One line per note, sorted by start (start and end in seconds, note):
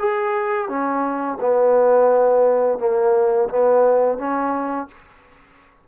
0.00 0.69 G#4
0.69 1.39 C#4
1.40 2.79 B3
2.79 3.49 A#3
3.49 4.19 B3
4.19 4.88 C#4